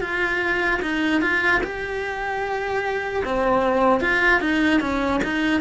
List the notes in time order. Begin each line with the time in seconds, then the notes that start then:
0.00 F4
0.81 D#4
1.21 F4
1.63 G4
3.24 C4
4.00 F4
4.40 D#4
4.80 C#4
5.24 D#4